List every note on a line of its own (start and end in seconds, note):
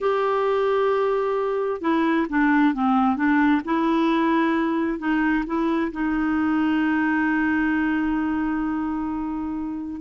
0.01 1.81 G4
1.81 2.26 E4
2.29 2.74 D4
2.74 3.16 C4
3.16 3.61 D4
3.65 4.98 E4
4.98 5.44 D#4
5.46 5.91 E4
5.92 10.01 D#4